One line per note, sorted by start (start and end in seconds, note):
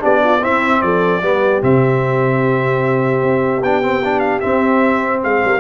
0.00 0.45 B3
0.00 0.40 D4
0.00 0.23 G4
0.00 0.45 D5
0.25 0.42 F4
0.42 1.22 C4
0.42 0.83 C4
0.42 0.82 E4
0.42 0.82 E5
0.82 1.23 F3
0.82 1.24 A4
0.82 1.62 D5
1.23 1.63 G3
1.23 1.62 B3
1.23 5.23 G4
1.62 3.23 C3
1.62 3.62 C4
1.62 3.64 E5
3.23 3.62 C4
3.62 4.42 B3
3.62 3.83 D4
3.62 4.20 G5
3.83 4.03 C4
4.05 4.42 D4
4.20 4.40 F5
4.40 5.61 C4
4.40 5.25 C4
4.40 5.20 E5
5.23 5.45 G#3
5.23 5.43 G#4
5.23 5.61 F5
5.45 5.61 G3
5.45 5.61 A#4